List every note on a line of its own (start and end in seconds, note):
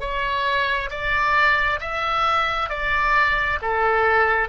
0.00 0.90 C#5
0.90 1.80 D5
1.80 2.69 E5
2.69 3.59 D5
3.61 4.49 A4